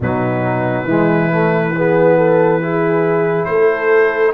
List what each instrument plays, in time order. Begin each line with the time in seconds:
0.00 tuba B2, trombone F#3, horn D#4, trumpet B4
0.84 tuba E3, trombone G#3, horn E4
1.31 trombone A3
1.76 trombone B3, horn G#4
2.17 horn A4
2.61 trombone E4, horn G#4
3.45 tuba A3, trumpet C5
3.51 horn A4